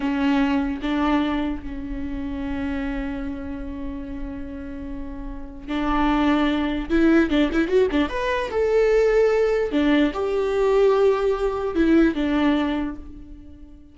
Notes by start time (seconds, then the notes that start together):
0.00 C#4
0.81 D4
1.62 C#4
5.67 D4
6.89 E4
7.30 D4
7.51 E4
7.68 F#4
7.91 D4
8.09 B4
8.51 A4
9.71 D4
10.13 G4
11.75 E4
12.14 D4